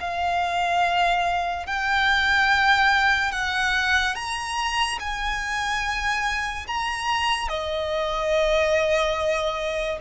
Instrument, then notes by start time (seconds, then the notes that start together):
violin
0.00 F5
1.67 G5
3.32 F#5
4.15 A#5
5.00 G#5
6.67 A#5
7.49 D#5